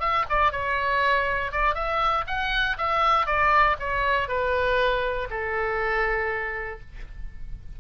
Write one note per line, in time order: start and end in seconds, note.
0.00 0.25 E5
0.29 0.52 D5
0.52 1.52 C#5
1.52 1.75 D5
1.75 2.25 E5
2.27 2.77 F#5
2.78 3.26 E5
3.26 3.76 D5
3.80 4.28 C#5
4.28 5.28 B4
5.30 6.80 A4